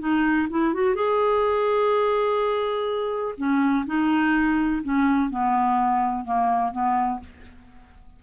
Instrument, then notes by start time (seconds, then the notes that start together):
clarinet
0.00 D#4
0.50 E4
0.74 F#4
0.95 G#4
3.38 C#4
3.86 D#4
4.83 C#4
5.30 B3
6.25 A#3
6.72 B3